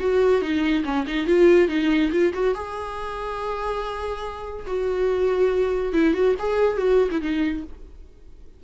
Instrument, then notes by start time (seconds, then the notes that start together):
viola
0.00 F#4
0.42 D#4
0.85 C#4
1.07 D#4
1.27 F4
1.68 D#4
2.12 F4
2.33 F#4
2.54 G#4
4.67 F#4
5.93 E4
6.14 F#4
6.39 G#4
6.77 F#4
7.11 E4
7.21 D#4